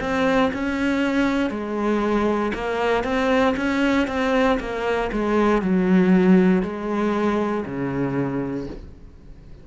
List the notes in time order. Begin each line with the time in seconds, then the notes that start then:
0.00 C4
0.53 C#4
1.50 G#3
2.54 A#3
3.04 C4
3.56 C#4
4.07 C4
4.59 A#3
5.12 G#3
5.61 F#3
6.62 G#3
7.65 C#3